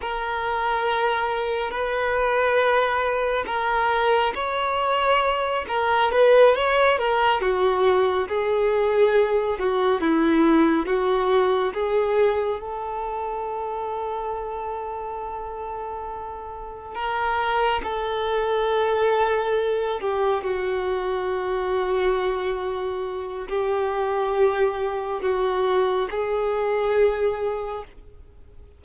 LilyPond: \new Staff \with { instrumentName = "violin" } { \time 4/4 \tempo 4 = 69 ais'2 b'2 | ais'4 cis''4. ais'8 b'8 cis''8 | ais'8 fis'4 gis'4. fis'8 e'8~ | e'8 fis'4 gis'4 a'4.~ |
a'2.~ a'8 ais'8~ | ais'8 a'2~ a'8 g'8 fis'8~ | fis'2. g'4~ | g'4 fis'4 gis'2 | }